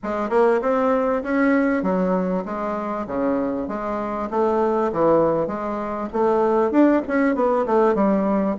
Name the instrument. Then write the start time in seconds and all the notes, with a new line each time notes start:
bassoon
0.03 G#3
0.29 A#3
0.61 C4
1.23 C#4
1.82 F#3
2.45 G#3
3.06 C#3
3.67 G#3
4.30 A3
4.92 E3
5.47 G#3
6.12 A3
6.71 D4
7.07 C#4
7.35 B3
7.65 A3
7.94 G3